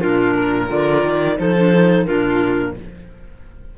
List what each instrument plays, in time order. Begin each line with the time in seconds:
0.00 cello A#2, clarinet D4 A#4, violin F4
0.34 violin A#4
0.68 cello D3, clarinet F4 D5
1.03 cello D#3
1.36 cello F3, clarinet D#4 C5, violin A4
1.56 clarinet D4
1.72 clarinet D#4
2.05 cello A#2, clarinet D4 A#4, violin F4